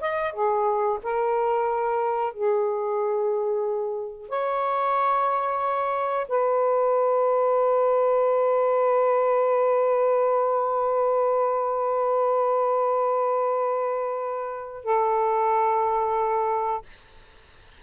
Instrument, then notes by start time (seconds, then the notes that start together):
saxophone
0.00 D#5
0.33 G#4
1.03 A#4
2.33 G#4
4.29 C#5
6.28 B4
14.84 A4